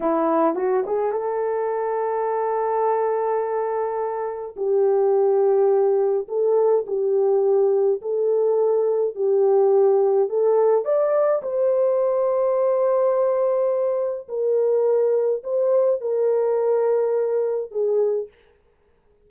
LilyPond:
\new Staff \with { instrumentName = "horn" } { \time 4/4 \tempo 4 = 105 e'4 fis'8 gis'8 a'2~ | a'1 | g'2. a'4 | g'2 a'2 |
g'2 a'4 d''4 | c''1~ | c''4 ais'2 c''4 | ais'2. gis'4 | }